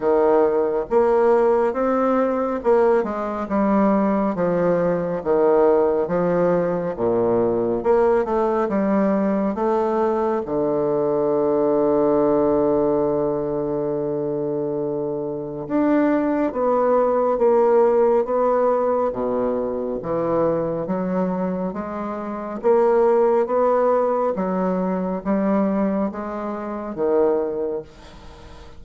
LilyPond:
\new Staff \with { instrumentName = "bassoon" } { \time 4/4 \tempo 4 = 69 dis4 ais4 c'4 ais8 gis8 | g4 f4 dis4 f4 | ais,4 ais8 a8 g4 a4 | d1~ |
d2 d'4 b4 | ais4 b4 b,4 e4 | fis4 gis4 ais4 b4 | fis4 g4 gis4 dis4 | }